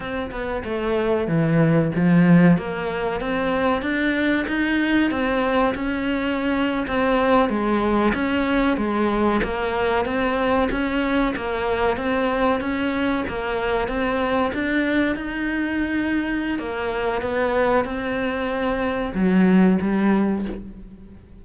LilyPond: \new Staff \with { instrumentName = "cello" } { \time 4/4 \tempo 4 = 94 c'8 b8 a4 e4 f4 | ais4 c'4 d'4 dis'4 | c'4 cis'4.~ cis'16 c'4 gis16~ | gis8. cis'4 gis4 ais4 c'16~ |
c'8. cis'4 ais4 c'4 cis'16~ | cis'8. ais4 c'4 d'4 dis'16~ | dis'2 ais4 b4 | c'2 fis4 g4 | }